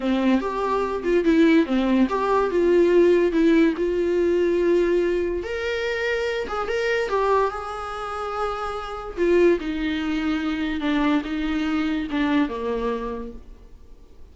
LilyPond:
\new Staff \with { instrumentName = "viola" } { \time 4/4 \tempo 4 = 144 c'4 g'4. f'8 e'4 | c'4 g'4 f'2 | e'4 f'2.~ | f'4 ais'2~ ais'8 gis'8 |
ais'4 g'4 gis'2~ | gis'2 f'4 dis'4~ | dis'2 d'4 dis'4~ | dis'4 d'4 ais2 | }